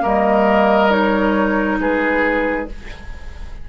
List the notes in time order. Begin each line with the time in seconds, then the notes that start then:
0.00 G3 A#3 A#4 D#5
0.90 D#4 C#5
1.79 G#3 G#4 B4